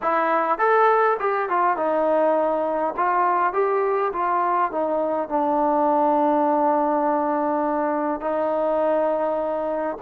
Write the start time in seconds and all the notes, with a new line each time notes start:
0.02 E4
0.58 A4
1.19 G4
1.49 F4
1.76 D#4
2.97 F4
3.53 G4
4.12 F4
4.71 D#4
5.29 D4
8.21 D#4